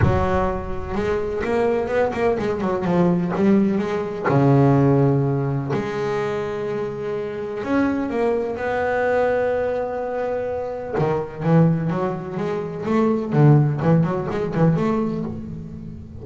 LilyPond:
\new Staff \with { instrumentName = "double bass" } { \time 4/4 \tempo 4 = 126 fis2 gis4 ais4 | b8 ais8 gis8 fis8 f4 g4 | gis4 cis2. | gis1 |
cis'4 ais4 b2~ | b2. dis4 | e4 fis4 gis4 a4 | d4 e8 fis8 gis8 e8 a4 | }